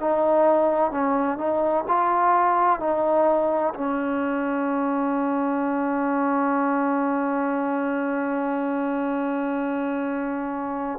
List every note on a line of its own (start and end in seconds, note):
0.00 0.91 D#4
0.91 1.38 C#4
1.38 1.85 D#4
1.88 2.80 F4
2.80 3.73 D#4
3.74 10.99 C#4